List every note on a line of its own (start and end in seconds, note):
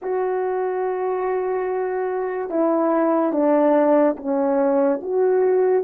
0.02 2.50 F#4
2.50 3.32 E4
3.32 4.16 D4
4.17 5.00 C#4
5.02 5.84 F#4